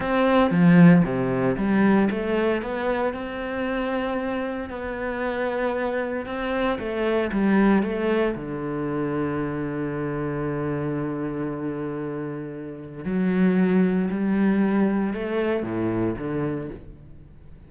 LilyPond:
\new Staff \with { instrumentName = "cello" } { \time 4/4 \tempo 4 = 115 c'4 f4 c4 g4 | a4 b4 c'2~ | c'4 b2. | c'4 a4 g4 a4 |
d1~ | d1~ | d4 fis2 g4~ | g4 a4 a,4 d4 | }